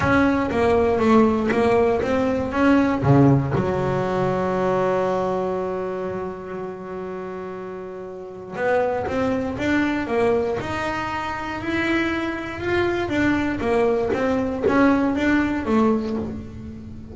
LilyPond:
\new Staff \with { instrumentName = "double bass" } { \time 4/4 \tempo 4 = 119 cis'4 ais4 a4 ais4 | c'4 cis'4 cis4 fis4~ | fis1~ | fis1~ |
fis4 b4 c'4 d'4 | ais4 dis'2 e'4~ | e'4 f'4 d'4 ais4 | c'4 cis'4 d'4 a4 | }